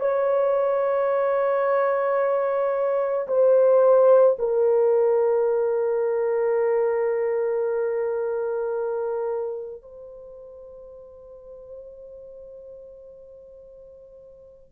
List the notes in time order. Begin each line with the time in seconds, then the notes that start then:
0.00 C#5
3.28 C5
4.39 A#4
9.82 C5